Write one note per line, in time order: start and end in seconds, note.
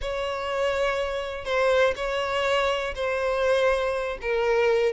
0.01 1.44 C#5
1.44 1.94 C5
1.96 2.94 C#5
2.95 4.18 C5
4.21 4.92 A#4